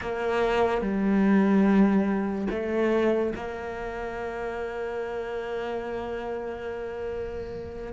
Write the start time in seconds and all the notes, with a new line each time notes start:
0.01 A#3
0.81 G3
2.50 A3
3.35 A#3